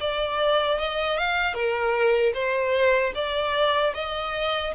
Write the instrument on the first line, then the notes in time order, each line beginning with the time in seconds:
violin
0.00 D5
0.79 D#5
1.17 F5
1.54 A#4
2.34 C5
3.14 D5
3.94 D#5